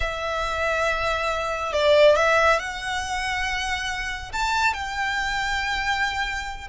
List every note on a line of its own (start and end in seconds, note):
0.00 1.72 E5
1.72 2.16 D5
2.16 2.59 E5
2.59 4.32 F#5
4.32 4.73 A5
4.73 6.67 G5